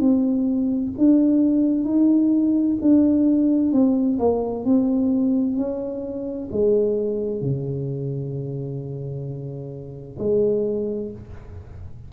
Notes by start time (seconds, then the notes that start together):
0.00 C4
0.98 D4
1.84 D#4
2.82 D4
3.73 C4
4.19 A#3
4.65 C4
5.57 C#4
6.52 G#3
7.41 C#3
10.19 G#3